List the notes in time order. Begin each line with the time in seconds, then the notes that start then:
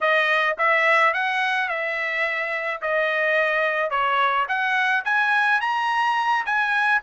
0.00 D#5
0.58 E5
1.13 F#5
1.68 E5
2.81 D#5
3.90 C#5
4.48 F#5
5.04 G#5
5.60 A#5
6.45 G#5